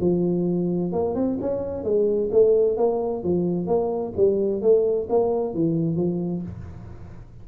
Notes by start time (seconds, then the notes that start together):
0.00 F3
0.92 A#3
1.15 C4
1.41 C#4
1.84 G#3
2.32 A3
2.77 A#3
3.23 F3
3.67 A#3
4.16 G3
4.62 A3
5.09 A#3
5.54 E3
5.96 F3